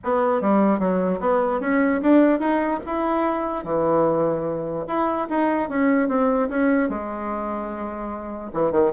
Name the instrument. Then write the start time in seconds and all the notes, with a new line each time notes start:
bassoon
0.04 B3
0.41 G3
0.79 F#3
1.19 B3
1.60 C#4
2.02 D4
2.39 D#4
2.86 E4
3.64 E3
4.87 E4
5.29 D#4
5.69 C#4
6.08 C4
6.49 C#4
6.89 G#3
8.53 E3
8.71 D#3